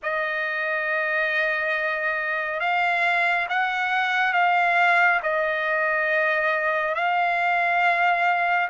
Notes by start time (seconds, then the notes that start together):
0.02 D#5
2.59 F5
3.49 F#5
4.33 F5
5.22 D#5
6.94 F5